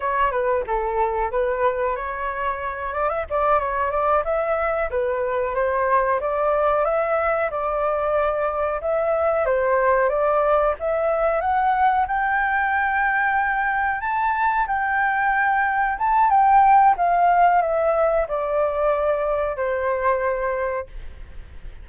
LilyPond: \new Staff \with { instrumentName = "flute" } { \time 4/4 \tempo 4 = 92 cis''8 b'8 a'4 b'4 cis''4~ | cis''8 d''16 e''16 d''8 cis''8 d''8 e''4 b'8~ | b'8 c''4 d''4 e''4 d''8~ | d''4. e''4 c''4 d''8~ |
d''8 e''4 fis''4 g''4.~ | g''4. a''4 g''4.~ | g''8 a''8 g''4 f''4 e''4 | d''2 c''2 | }